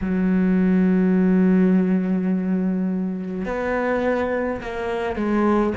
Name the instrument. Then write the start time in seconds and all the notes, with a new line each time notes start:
cello
0.01 F#3
3.45 B3
4.61 A#3
5.16 G#3